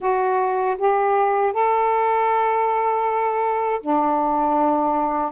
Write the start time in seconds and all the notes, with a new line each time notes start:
0.00 F#4
0.78 G4
1.53 A4
3.81 D4